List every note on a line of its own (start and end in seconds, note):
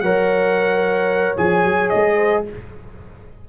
0.00 1.36 F#3
0.00 1.37 A#4
0.00 2.15 C#5
0.00 1.35 F#5
1.37 1.63 F3
1.37 2.45 G#4
1.37 1.89 G#5
1.63 1.90 F#3
1.89 2.48 G#3
1.89 2.43 D#5
2.15 2.42 C5